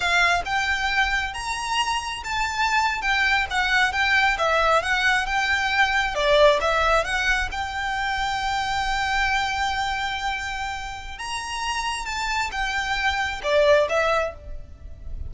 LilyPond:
\new Staff \with { instrumentName = "violin" } { \time 4/4 \tempo 4 = 134 f''4 g''2 ais''4~ | ais''4 a''4.~ a''16 g''4 fis''16~ | fis''8. g''4 e''4 fis''4 g''16~ | g''4.~ g''16 d''4 e''4 fis''16~ |
fis''8. g''2.~ g''16~ | g''1~ | g''4 ais''2 a''4 | g''2 d''4 e''4 | }